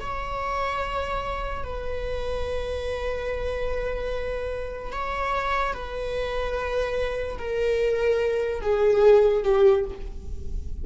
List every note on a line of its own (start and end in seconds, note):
0.00 1.64 C#5
1.64 4.92 B4
4.92 5.73 C#5
5.73 7.37 B4
7.38 8.61 A#4
8.61 9.43 G#4
9.43 9.84 G4